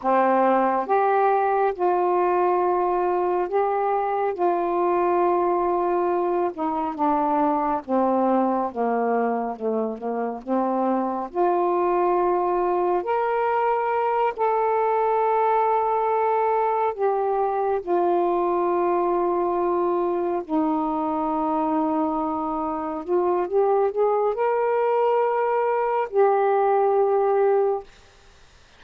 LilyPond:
\new Staff \with { instrumentName = "saxophone" } { \time 4/4 \tempo 4 = 69 c'4 g'4 f'2 | g'4 f'2~ f'8 dis'8 | d'4 c'4 ais4 a8 ais8 | c'4 f'2 ais'4~ |
ais'8 a'2. g'8~ | g'8 f'2. dis'8~ | dis'2~ dis'8 f'8 g'8 gis'8 | ais'2 g'2 | }